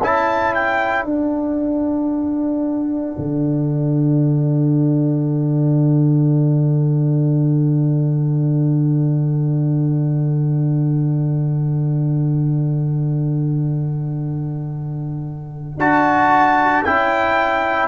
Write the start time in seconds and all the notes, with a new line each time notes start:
0.00 C#4 E4 A4 A5
0.54 G5
1.04 D4 F#5
3.18 D3
15.77 D4 F#4 A5
16.84 C#4 E4 G5